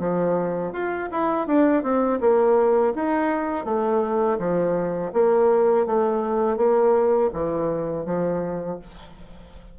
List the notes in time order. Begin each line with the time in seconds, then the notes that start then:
0.00 F3
0.73 F4
1.12 E4
1.48 D4
1.84 C4
2.21 A#3
2.96 D#4
3.66 A3
4.39 F3
5.14 A#3
5.87 A3
6.58 A#3
7.34 E3
8.06 F3